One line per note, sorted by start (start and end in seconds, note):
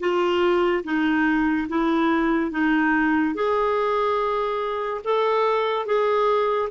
0.00 0.83 F4
0.84 1.67 D#4
1.69 2.51 E4
2.51 3.34 D#4
3.34 5.01 G#4
5.04 5.86 A4
5.86 6.69 G#4